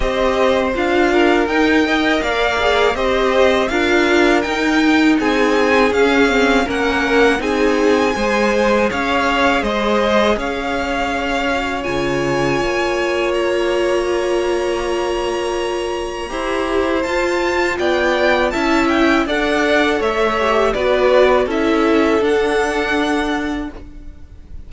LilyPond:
<<
  \new Staff \with { instrumentName = "violin" } { \time 4/4 \tempo 4 = 81 dis''4 f''4 g''4 f''4 | dis''4 f''4 g''4 gis''4 | f''4 fis''4 gis''2 | f''4 dis''4 f''2 |
gis''2 ais''2~ | ais''2. a''4 | g''4 a''8 g''8 fis''4 e''4 | d''4 e''4 fis''2 | }
  \new Staff \with { instrumentName = "violin" } { \time 4/4 c''4. ais'4 dis''8 d''4 | c''4 ais'2 gis'4~ | gis'4 ais'4 gis'4 c''4 | cis''4 c''4 cis''2~ |
cis''1~ | cis''2 c''2 | d''4 e''4 d''4 cis''4 | b'4 a'2. | }
  \new Staff \with { instrumentName = "viola" } { \time 4/4 g'4 f'4 dis'8 ais'4 gis'8 | g'4 f'4 dis'2 | cis'8 c'8 cis'4 dis'4 gis'4~ | gis'2.~ gis'8 fis'8 |
f'1~ | f'2 g'4 f'4~ | f'4 e'4 a'4. g'8 | fis'4 e'4 d'2 | }
  \new Staff \with { instrumentName = "cello" } { \time 4/4 c'4 d'4 dis'4 ais4 | c'4 d'4 dis'4 c'4 | cis'4 ais4 c'4 gis4 | cis'4 gis4 cis'2 |
cis4 ais2.~ | ais2 e'4 f'4 | b4 cis'4 d'4 a4 | b4 cis'4 d'2 | }
>>